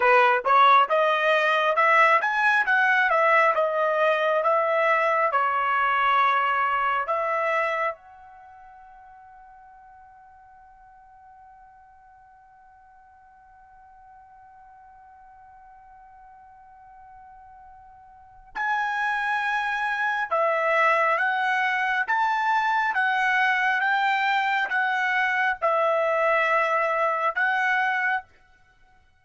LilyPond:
\new Staff \with { instrumentName = "trumpet" } { \time 4/4 \tempo 4 = 68 b'8 cis''8 dis''4 e''8 gis''8 fis''8 e''8 | dis''4 e''4 cis''2 | e''4 fis''2.~ | fis''1~ |
fis''1~ | fis''4 gis''2 e''4 | fis''4 a''4 fis''4 g''4 | fis''4 e''2 fis''4 | }